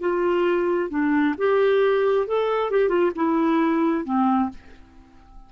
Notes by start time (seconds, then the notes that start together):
0.00 F4
0.90 D4
1.38 G4
2.27 A4
2.70 G4
2.88 F4
3.15 E4
4.04 C4